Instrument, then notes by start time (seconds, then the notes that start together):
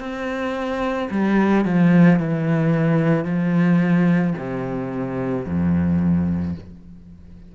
cello
0.00 C4
1.11 G3
1.65 F3
2.20 E3
3.25 F3
4.38 C3
5.46 F2